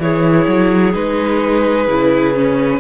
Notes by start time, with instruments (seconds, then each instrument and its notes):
0.00 cello E3, viola E4, clarinet G#4, violin C#5
0.48 cello F#3
0.94 cello G#3, viola D#4, violin B4
1.88 cello C#3, viola E4
2.35 viola C#4